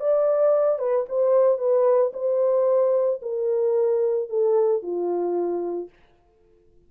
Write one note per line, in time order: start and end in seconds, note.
0.00 0.79 D5
0.79 1.05 B4
1.09 1.58 C5
1.58 2.12 B4
2.13 3.20 C5
3.22 4.29 A#4
4.29 4.82 A4
4.82 5.89 F4